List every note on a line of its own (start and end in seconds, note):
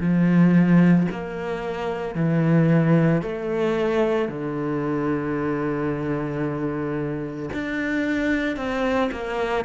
0.00 1.07 F3
1.11 2.15 A#3
2.15 3.22 E3
3.22 4.28 A3
4.28 7.50 D3
7.53 8.57 D4
8.57 9.10 C4
9.12 9.64 A#3